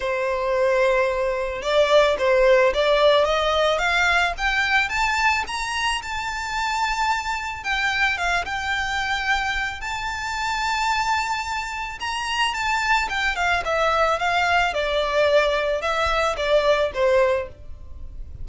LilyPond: \new Staff \with { instrumentName = "violin" } { \time 4/4 \tempo 4 = 110 c''2. d''4 | c''4 d''4 dis''4 f''4 | g''4 a''4 ais''4 a''4~ | a''2 g''4 f''8 g''8~ |
g''2 a''2~ | a''2 ais''4 a''4 | g''8 f''8 e''4 f''4 d''4~ | d''4 e''4 d''4 c''4 | }